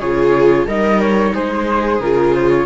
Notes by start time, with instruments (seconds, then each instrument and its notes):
0.00 cello C#3, viola F4 G#4, flute C#5
0.67 cello G3, viola D#4 A#4, flute D#5
1.01 flute C#5
1.34 cello G#3, viola G#4, flute C5
2.00 cello C#3, viola F4, flute A#4
2.34 flute C5
2.50 flute C#5